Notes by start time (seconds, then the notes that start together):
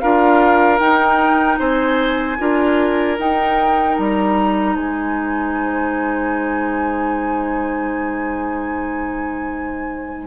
0.00 D4 F4 A#4 F5
0.79 D#4 G5
1.59 C4 C5 G#5
2.38 D4 F4 A#4
3.18 D#4 G5
3.98 G3 A#5
4.75 G#3 C5 G#5